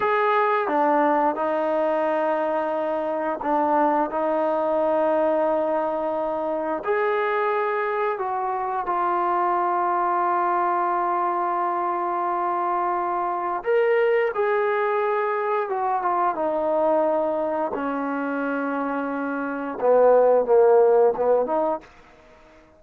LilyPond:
\new Staff \with { instrumentName = "trombone" } { \time 4/4 \tempo 4 = 88 gis'4 d'4 dis'2~ | dis'4 d'4 dis'2~ | dis'2 gis'2 | fis'4 f'2.~ |
f'1 | ais'4 gis'2 fis'8 f'8 | dis'2 cis'2~ | cis'4 b4 ais4 b8 dis'8 | }